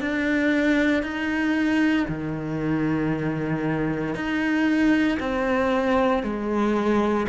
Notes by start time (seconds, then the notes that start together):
0.00 D4
1.03 D#4
2.08 D#3
4.14 D#4
5.19 C4
6.23 G#3